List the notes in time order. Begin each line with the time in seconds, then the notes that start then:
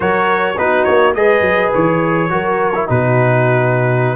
0.00 F#3 F#4 A#4 C#5
0.57 B3 D#4 F#4 B4
0.84 A#3 C#5
1.14 G#3 G#4 B4 D#5
1.41 F#3
1.74 E3 C#5
2.29 F#3 F#4 A#4
2.75 E4
2.87 B2 D#4 F#4 B4